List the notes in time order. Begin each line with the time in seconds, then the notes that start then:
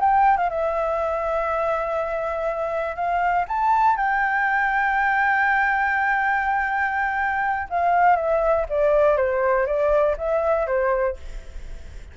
0.00 G5
0.37 F5
0.50 E5
2.96 F5
3.48 A5
3.96 G5
7.70 F5
8.16 E5
8.69 D5
9.17 C5
9.66 D5
10.18 E5
10.67 C5